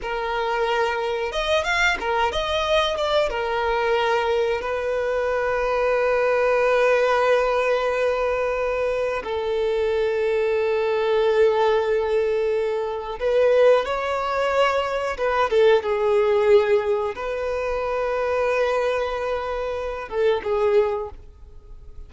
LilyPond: \new Staff \with { instrumentName = "violin" } { \time 4/4 \tempo 4 = 91 ais'2 dis''8 f''8 ais'8 dis''8~ | dis''8 d''8 ais'2 b'4~ | b'1~ | b'2 a'2~ |
a'1 | b'4 cis''2 b'8 a'8 | gis'2 b'2~ | b'2~ b'8 a'8 gis'4 | }